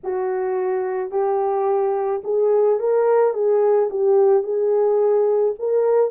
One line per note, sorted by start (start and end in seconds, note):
0.03 1.10 F#4
1.10 2.21 G4
2.23 2.79 G#4
2.79 3.33 A#4
3.33 3.89 G#4
3.90 4.43 G4
4.43 5.54 G#4
5.58 6.10 A#4